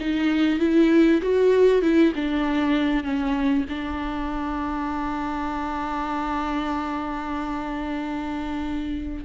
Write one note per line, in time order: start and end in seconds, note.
0.00 0.59 D#4
0.59 1.21 E4
1.21 1.82 F#4
1.82 2.13 E4
2.15 3.03 D4
3.03 3.65 C#4
3.69 9.24 D4